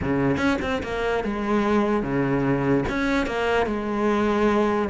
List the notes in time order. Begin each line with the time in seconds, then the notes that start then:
0.01 C#3
0.37 C#4
0.61 C4
0.83 A#3
1.24 G#3
2.02 C#3
2.88 C#4
3.26 A#3
3.66 G#3